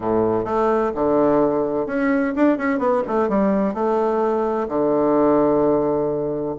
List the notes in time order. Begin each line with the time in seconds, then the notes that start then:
0.00 A2
0.44 A3
0.94 D3
1.86 C#4
2.35 D4
2.57 C#4
2.78 B3
3.07 A3
3.29 G3
3.74 A3
4.68 D3